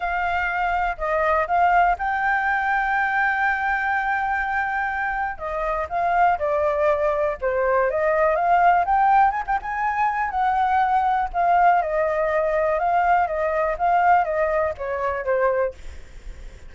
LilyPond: \new Staff \with { instrumentName = "flute" } { \time 4/4 \tempo 4 = 122 f''2 dis''4 f''4 | g''1~ | g''2. dis''4 | f''4 d''2 c''4 |
dis''4 f''4 g''4 gis''16 g''16 gis''8~ | gis''4 fis''2 f''4 | dis''2 f''4 dis''4 | f''4 dis''4 cis''4 c''4 | }